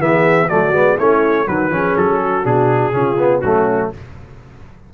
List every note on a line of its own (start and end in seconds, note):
0.00 0.49 E3
0.00 0.49 B3
0.00 0.48 G#4
0.00 0.49 E5
0.48 0.73 F#3
0.48 0.73 A3
0.48 0.97 F#4
0.48 0.98 D5
0.73 0.97 G#3
0.73 0.98 B3
0.97 1.48 A3
0.97 1.47 C#4
0.97 1.46 E4
0.97 1.48 C#5
1.47 1.70 D#3
1.47 1.71 F#3
1.47 1.72 F#4
1.47 1.97 B4
1.70 1.95 F3
1.70 2.44 C#4
1.70 2.21 G#4
1.97 2.46 F#3
1.97 2.46 A4
2.21 2.94 F#4
2.44 2.94 B2
2.44 2.93 D4
2.44 3.41 G#4
2.93 3.43 C#3
2.93 3.17 C#4
2.93 3.42 F4
3.19 3.43 B3
3.41 3.92 F#3
3.41 3.94 A3
3.41 3.91 C#4
3.41 3.90 F#4